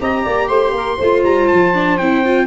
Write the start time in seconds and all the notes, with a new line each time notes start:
0.00 C4 G4 D#5 A#5
0.23 A#3 D5
0.48 A3 C5 C6
0.72 A#3 A#4
0.97 A3 C5
1.04 F4
1.24 G3 A#5
1.48 F3 A5
1.74 D4
1.98 C4 E4 G5
2.25 F4